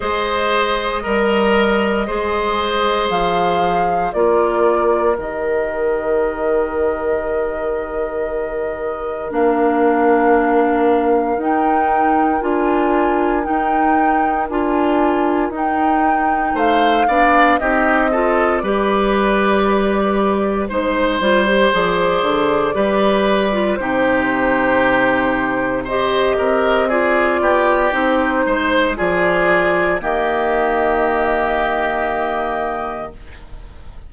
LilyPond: <<
  \new Staff \with { instrumentName = "flute" } { \time 4/4 \tempo 4 = 58 dis''2. f''4 | d''4 dis''2.~ | dis''4 f''2 g''4 | gis''4 g''4 gis''4 g''4 |
f''4 dis''4 d''2 | c''4 d''2 c''4~ | c''4 dis''4 d''4 c''4 | d''4 dis''2. | }
  \new Staff \with { instrumentName = "oboe" } { \time 4/4 c''4 ais'4 c''2 | ais'1~ | ais'1~ | ais'1 |
c''8 d''8 g'8 a'8 b'2 | c''2 b'4 g'4~ | g'4 c''8 ais'8 gis'8 g'4 c''8 | gis'4 g'2. | }
  \new Staff \with { instrumentName = "clarinet" } { \time 4/4 gis'4 ais'4 gis'2 | f'4 g'2.~ | g'4 d'2 dis'4 | f'4 dis'4 f'4 dis'4~ |
dis'8 d'8 dis'8 f'8 g'2 | dis'8 f'16 g'16 gis'4 g'8. f'16 dis'4~ | dis'4 g'4 f'4 dis'4 | f'4 ais2. | }
  \new Staff \with { instrumentName = "bassoon" } { \time 4/4 gis4 g4 gis4 f4 | ais4 dis2.~ | dis4 ais2 dis'4 | d'4 dis'4 d'4 dis'4 |
a8 b8 c'4 g2 | gis8 g8 f8 d8 g4 c4~ | c4. c'4 b8 c'8 gis8 | f4 dis2. | }
>>